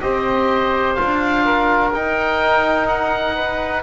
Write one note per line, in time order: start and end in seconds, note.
0.00 0.97 C4
0.00 0.96 G4
0.00 1.44 C5
0.00 0.94 D#5
0.94 1.93 D4
0.94 1.91 F4
0.94 1.90 F5
1.44 3.35 A#4
1.92 3.82 D#4
1.92 2.87 G5
2.87 3.82 F#5
3.35 3.82 B4